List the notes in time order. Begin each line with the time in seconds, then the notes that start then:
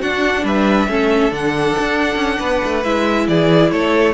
0.00 D4 F#4 F#5
0.44 G3 B4 E5
0.88 A3 C#4 A4
1.31 D3 D4 F#5
1.79 D4
2.16 C#4
2.39 B3 B4
2.65 A3
2.84 G#3 E4 E5
3.28 E3 G#4 D5
3.72 A3 A4 C#5